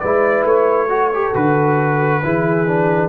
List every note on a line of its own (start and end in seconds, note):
0.00 0.44 G#3
0.00 0.89 E4
0.00 0.89 B4
0.00 0.44 D5
0.44 1.32 A3
0.44 1.35 C#5
0.89 1.11 F#4
0.89 2.24 A4
1.14 1.34 G4
1.34 2.24 D3
1.34 2.22 F#4
1.34 3.09 B4
2.24 3.09 E3
2.24 2.67 E4
2.24 3.09 G#4
2.67 3.09 D4